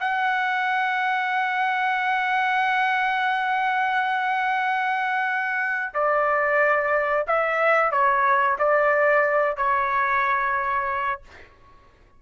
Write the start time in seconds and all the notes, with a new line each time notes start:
0.00 F#5
5.94 D5
7.27 E5
7.92 C#5
8.59 D5
9.57 C#5